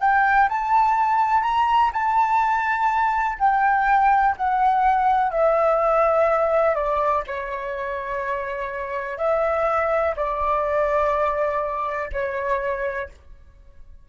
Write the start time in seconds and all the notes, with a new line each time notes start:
0.00 G5
0.49 A5
1.42 A#5
1.93 A5
3.38 G5
4.37 F#5
5.31 E5
6.75 D5
7.27 C#5
9.18 E5
10.16 D5
12.12 C#5